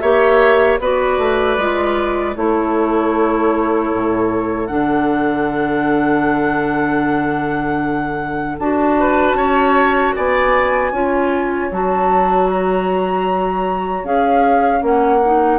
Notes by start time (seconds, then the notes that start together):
0.00 A#3 G4 C#5 E5
0.80 B3 F#4 B4 D5
1.19 A3
1.58 G#3 F4
2.36 A3 E4 A4 C#5
3.93 A2
4.67 D3 D4 F#5
8.59 D4 F#4 A5
9.00 B4
9.35 C#4 C#5
10.16 B3 D5 G#5
10.92 C#4 F4 C#5
11.72 F#3 F#4 A5
12.51 A#5
14.04 C#4 G#4 F5
14.81 A#3 C#4 F#5
15.25 D#4